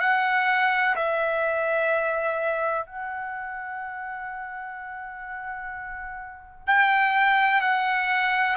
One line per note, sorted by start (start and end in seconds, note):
0.00 0.95 F#5
0.96 2.86 E5
2.86 6.67 F#5
6.67 7.61 G5
7.61 8.57 F#5